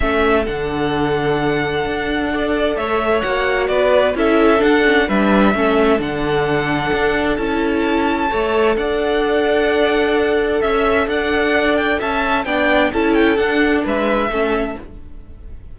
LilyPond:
<<
  \new Staff \with { instrumentName = "violin" } { \time 4/4 \tempo 4 = 130 e''4 fis''2.~ | fis''2 e''4 fis''4 | d''4 e''4 fis''4 e''4~ | e''4 fis''2. |
a''2. fis''4~ | fis''2. e''4 | fis''4. g''8 a''4 g''4 | a''8 g''8 fis''4 e''2 | }
  \new Staff \with { instrumentName = "violin" } { \time 4/4 a'1~ | a'4 d''4 cis''2 | b'4 a'2 b'4 | a'1~ |
a'2 cis''4 d''4~ | d''2. e''4 | d''2 e''4 d''4 | a'2 b'4 a'4 | }
  \new Staff \with { instrumentName = "viola" } { \time 4/4 cis'4 d'2.~ | d'4 a'2 fis'4~ | fis'4 e'4 d'8 cis'8 d'4 | cis'4 d'2. |
e'2 a'2~ | a'1~ | a'2. d'4 | e'4 d'2 cis'4 | }
  \new Staff \with { instrumentName = "cello" } { \time 4/4 a4 d2. | d'2 a4 ais4 | b4 cis'4 d'4 g4 | a4 d2 d'4 |
cis'2 a4 d'4~ | d'2. cis'4 | d'2 cis'4 b4 | cis'4 d'4 gis4 a4 | }
>>